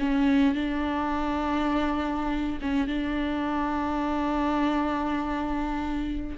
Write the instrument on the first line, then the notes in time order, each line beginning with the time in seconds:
viola
0.00 C#4
0.55 D4
2.62 C#4
2.88 D4